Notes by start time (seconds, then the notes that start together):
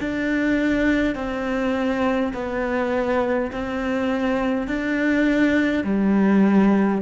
0.00 D4
1.15 C4
2.34 B3
3.52 C4
4.67 D4
5.84 G3